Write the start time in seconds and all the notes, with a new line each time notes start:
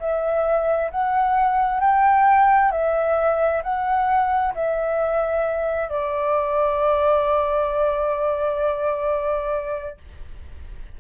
0.00 E5
0.91 F#5
1.81 G5
2.71 E5
3.63 F#5
4.55 E5
5.89 D5